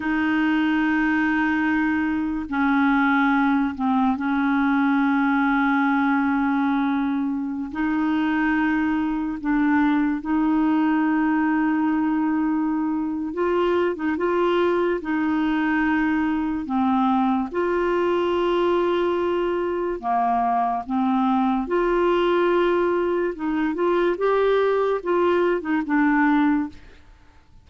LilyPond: \new Staff \with { instrumentName = "clarinet" } { \time 4/4 \tempo 4 = 72 dis'2. cis'4~ | cis'8 c'8 cis'2.~ | cis'4~ cis'16 dis'2 d'8.~ | d'16 dis'2.~ dis'8. |
f'8. dis'16 f'4 dis'2 | c'4 f'2. | ais4 c'4 f'2 | dis'8 f'8 g'4 f'8. dis'16 d'4 | }